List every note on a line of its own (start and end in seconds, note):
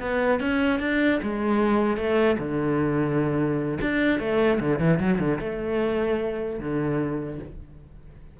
0.00 0.40 B3
0.40 0.80 C#4
0.80 1.20 D4
1.22 1.97 G#3
1.97 2.37 A3
2.38 3.78 D3
3.81 4.19 D4
4.19 4.59 A3
4.60 4.79 D3
4.79 4.99 E3
4.99 5.19 F#3
5.19 5.39 D3
5.40 6.59 A3
6.59 7.39 D3